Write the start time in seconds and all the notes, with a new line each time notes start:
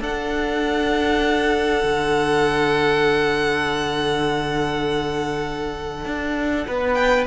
0.00 D4 A4 F#5
1.83 D3
6.05 D4
6.67 B3 B4
6.93 G5